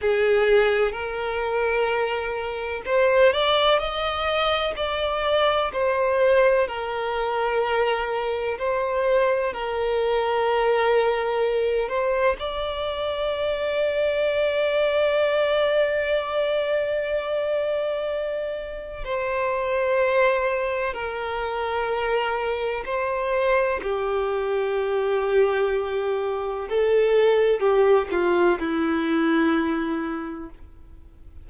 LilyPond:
\new Staff \with { instrumentName = "violin" } { \time 4/4 \tempo 4 = 63 gis'4 ais'2 c''8 d''8 | dis''4 d''4 c''4 ais'4~ | ais'4 c''4 ais'2~ | ais'8 c''8 d''2.~ |
d''1 | c''2 ais'2 | c''4 g'2. | a'4 g'8 f'8 e'2 | }